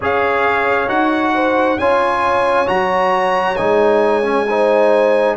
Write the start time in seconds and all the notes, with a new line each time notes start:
0.00 C#4 G#4 C#5 F5
0.87 D#4 F#4 F#5
1.34 C5
1.77 C#4 F4 C#5 G#5
2.66 F#3 F#4 A#5
3.56 G#3 D#4 G#5
4.23 C#4
4.48 D#4 C5